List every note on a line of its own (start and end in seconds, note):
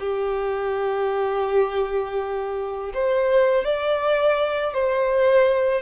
0.00 2.93 G4
2.94 3.65 C5
3.65 4.74 D5
4.74 5.82 C5